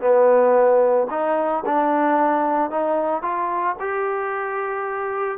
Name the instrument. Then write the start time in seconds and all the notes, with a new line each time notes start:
trombone
0.00 B3
1.10 D#4
1.65 D4
2.70 D#4
3.22 F4
3.79 G4